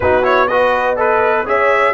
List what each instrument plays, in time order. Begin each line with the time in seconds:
0.00 tuba B3, trombone D#4, horn F#4, trumpet B4
0.22 trombone E4, trumpet C#5
0.47 trombone F#4, horn B4, trumpet D#5
0.95 trombone A4, trumpet B4, horn D#5
1.44 tuba C#4, trombone G#4, horn C#5, trumpet E5